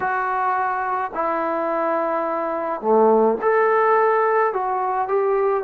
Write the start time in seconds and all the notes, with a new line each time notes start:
0.00 F#4
1.13 E4
2.80 A3
3.41 A4
4.53 F#4
5.07 G4